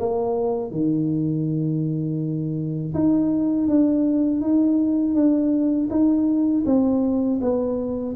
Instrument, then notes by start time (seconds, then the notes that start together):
tuba
0.00 A#3
0.71 D#3
2.95 D#4
3.68 D4
4.41 D#4
5.15 D4
5.90 D#4
6.66 C4
7.42 B3